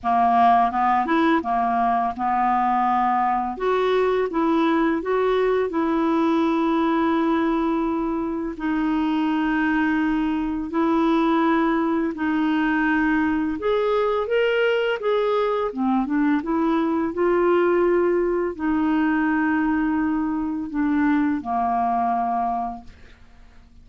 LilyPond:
\new Staff \with { instrumentName = "clarinet" } { \time 4/4 \tempo 4 = 84 ais4 b8 e'8 ais4 b4~ | b4 fis'4 e'4 fis'4 | e'1 | dis'2. e'4~ |
e'4 dis'2 gis'4 | ais'4 gis'4 c'8 d'8 e'4 | f'2 dis'2~ | dis'4 d'4 ais2 | }